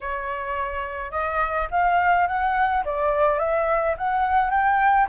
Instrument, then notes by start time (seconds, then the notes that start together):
flute
0.00 C#5
1.11 D#5
1.70 F5
2.27 F#5
2.85 D5
3.39 E5
3.97 F#5
4.50 G5